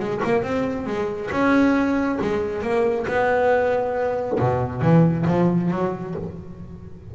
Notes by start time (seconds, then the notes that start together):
0.00 G#3
0.24 A#3
0.43 C4
0.87 G#3
1.32 C#4
2.22 G#3
2.63 A#3
3.08 B3
4.40 B2
4.82 E3
5.27 F3
5.72 F#3